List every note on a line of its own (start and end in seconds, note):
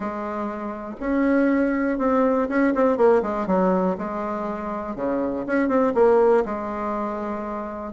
0.00 0.95 G#3
1.00 1.98 C#4
1.98 2.47 C4
2.49 2.73 C#4
2.74 2.97 C4
2.97 3.22 A#3
3.22 3.46 G#3
3.46 3.96 F#3
3.98 4.95 G#3
4.95 5.45 C#3
5.46 5.68 C#4
5.68 5.93 C4
5.94 6.44 A#3
6.45 7.92 G#3